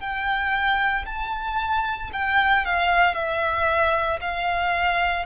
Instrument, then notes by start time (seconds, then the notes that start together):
violin
0.00 G5
1.05 A5
2.12 G5
2.65 F5
3.14 E5
4.21 F5